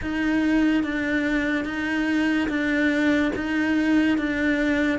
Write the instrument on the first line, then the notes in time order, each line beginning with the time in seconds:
cello
0.01 D#4
0.83 D4
1.64 D#4
2.48 D4
3.35 D#4
4.17 D4